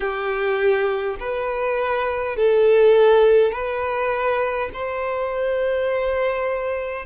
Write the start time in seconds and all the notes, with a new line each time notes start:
0.00 G4
1.19 B4
2.36 A4
3.52 B4
4.73 C5